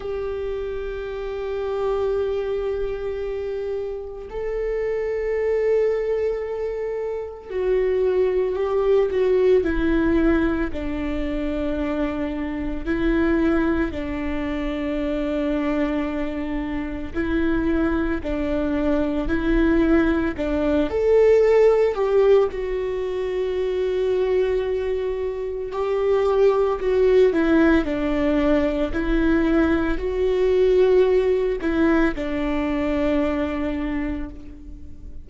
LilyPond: \new Staff \with { instrumentName = "viola" } { \time 4/4 \tempo 4 = 56 g'1 | a'2. fis'4 | g'8 fis'8 e'4 d'2 | e'4 d'2. |
e'4 d'4 e'4 d'8 a'8~ | a'8 g'8 fis'2. | g'4 fis'8 e'8 d'4 e'4 | fis'4. e'8 d'2 | }